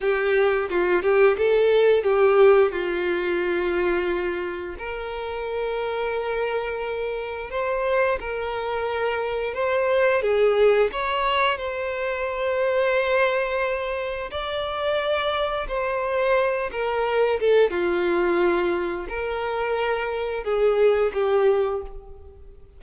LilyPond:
\new Staff \with { instrumentName = "violin" } { \time 4/4 \tempo 4 = 88 g'4 f'8 g'8 a'4 g'4 | f'2. ais'4~ | ais'2. c''4 | ais'2 c''4 gis'4 |
cis''4 c''2.~ | c''4 d''2 c''4~ | c''8 ais'4 a'8 f'2 | ais'2 gis'4 g'4 | }